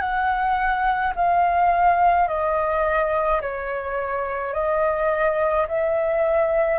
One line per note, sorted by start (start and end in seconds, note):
0.00 1.13 F#5
1.16 2.28 F5
2.28 3.41 D#5
3.41 4.54 C#5
4.54 5.67 D#5
5.68 6.79 E5